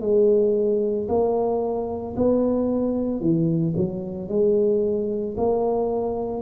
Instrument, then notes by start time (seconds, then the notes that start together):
tuba
0.00 G#3
1.08 A#3
2.16 B3
3.20 E3
3.76 F#3
4.28 G#3
5.37 A#3